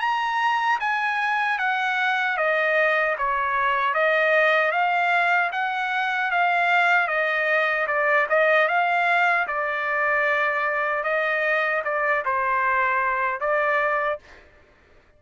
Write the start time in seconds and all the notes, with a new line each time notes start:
0.00 A#5
0.80 G#5
1.58 F#5
2.37 D#5
3.18 C#5
3.94 D#5
4.72 F5
5.52 F#5
6.31 F5
7.08 D#5
7.87 D5
8.29 D#5
8.68 F5
9.47 D5
11.03 D#5
11.84 D5
12.25 C5
13.40 D5